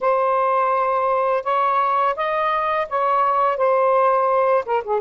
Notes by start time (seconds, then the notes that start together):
0.01 C5
1.43 C#5
2.16 D#5
2.89 C#5
3.57 C5
4.65 A#4
4.84 G#4